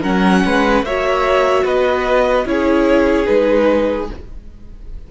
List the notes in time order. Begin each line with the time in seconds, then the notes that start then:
0.00 F#3 C#4 A#4 F#5
0.45 G#3 B4
0.83 A#3 F#4 C#5 E5
1.64 B3 B4 D#5
2.45 C#4 E4 G#4 C#5
3.26 G#3 D#4 B4